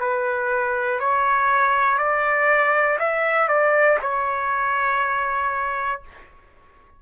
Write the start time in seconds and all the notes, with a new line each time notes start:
0.00 B4
1.00 C#5
1.98 D5
2.99 E5
3.49 D5
4.02 C#5